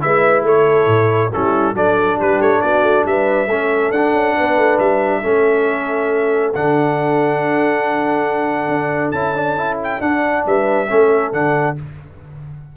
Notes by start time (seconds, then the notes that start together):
0.00 G#3 E4 B4 E5
0.42 A3 A4 C#5
0.86 A2
1.32 G3 C#4 E4 A4
1.73 F#3 D4 A4 D5
2.17 G3 G4 B4
2.39 A3 C#5
2.61 B3 F#4 D5
2.82 A3
3.04 G3 B4 E5
3.46 A3 C#4 A4
3.90 D4 F#5
4.12 C#4
4.36 B3 B4
4.56 A3
4.78 G3 E5
5.21 A3 C#4 A4
6.54 D3 D4 F#5
8.68 D4
9.11 C#4 E4 A5
9.35 D4
9.56 E4
9.83 G5
10.00 D4 F#5
10.45 G3 B4 E5
10.89 A3 C#4 A4
11.32 D3 D4 F#5